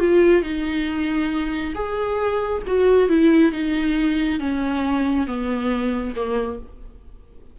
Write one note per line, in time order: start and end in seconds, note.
0.00 0.43 F4
0.43 1.74 D#4
1.75 2.63 G#4
2.67 3.09 F#4
3.09 3.52 E4
3.52 4.40 D#4
4.40 5.27 C#4
5.27 6.15 B3
6.16 6.60 A#3